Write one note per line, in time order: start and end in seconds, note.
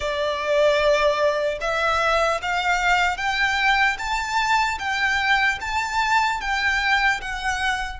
0.00 1.58 D5
1.60 2.40 E5
2.42 3.17 F5
3.17 3.97 G5
3.98 4.78 A5
4.78 5.58 G5
5.60 6.40 A5
6.40 7.20 G5
7.21 7.99 F#5